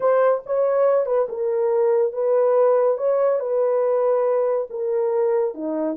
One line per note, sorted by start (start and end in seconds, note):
0.00 0.42 C5
0.46 1.05 C#5
1.05 1.27 B4
1.28 2.12 A#4
2.12 2.97 B4
2.97 3.39 C#5
3.39 4.67 B4
4.70 5.54 A#4
5.54 5.97 D#4